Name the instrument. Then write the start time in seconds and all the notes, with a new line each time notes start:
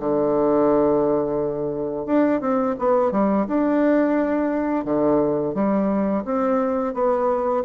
bassoon
0.00 D3
2.06 D4
2.41 C4
2.79 B3
3.12 G3
3.48 D4
4.85 D3
5.55 G3
6.25 C4
6.94 B3